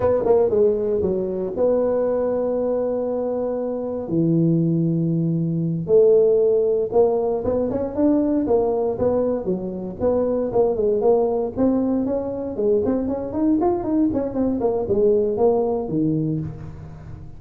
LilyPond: \new Staff \with { instrumentName = "tuba" } { \time 4/4 \tempo 4 = 117 b8 ais8 gis4 fis4 b4~ | b1 | e2.~ e8 a8~ | a4. ais4 b8 cis'8 d'8~ |
d'8 ais4 b4 fis4 b8~ | b8 ais8 gis8 ais4 c'4 cis'8~ | cis'8 gis8 c'8 cis'8 dis'8 f'8 dis'8 cis'8 | c'8 ais8 gis4 ais4 dis4 | }